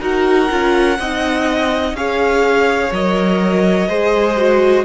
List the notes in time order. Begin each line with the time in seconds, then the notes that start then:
0.00 D#4 F#4 A#4 F#5
0.49 C#4 F4
0.99 C4 D#4 D#5
1.93 C#4 G#4 C#5 F5
2.91 F#3 A#4 D#5
3.87 G#3 G#4 C5
4.36 F#4